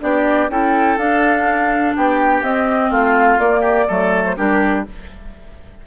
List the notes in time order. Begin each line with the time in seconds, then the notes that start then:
0.00 B3 D4 G4 D5
0.49 C#4 E4 A4 G5
0.97 D4 F5
1.96 B3 G4 G5
2.42 C4 D#5
2.90 A3 F4 F5
3.38 A#3 D5
3.60 G4
3.87 F#3 A3 A4
4.25 C5
4.36 G3 D4 G4 A#4